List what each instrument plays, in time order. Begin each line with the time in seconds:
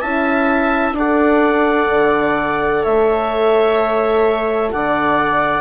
0.00 bassoon C#4, horn E4, viola E5, clarinet A5
0.92 bassoon D4, horn A4, viola D5, clarinet F#5
1.89 bassoon D3
2.82 bassoon A3, viola C#5, clarinet E5
4.71 bassoon D3, viola D5, clarinet F#5